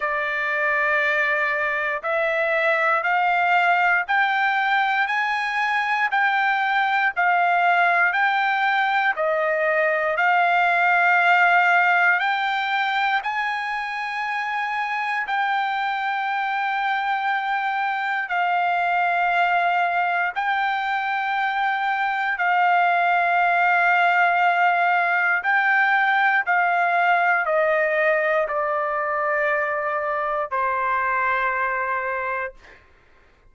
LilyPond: \new Staff \with { instrumentName = "trumpet" } { \time 4/4 \tempo 4 = 59 d''2 e''4 f''4 | g''4 gis''4 g''4 f''4 | g''4 dis''4 f''2 | g''4 gis''2 g''4~ |
g''2 f''2 | g''2 f''2~ | f''4 g''4 f''4 dis''4 | d''2 c''2 | }